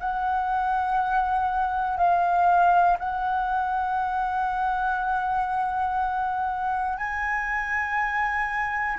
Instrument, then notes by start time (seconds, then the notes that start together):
flute
0.00 F#5
1.97 F5
2.99 F#5
6.98 G#5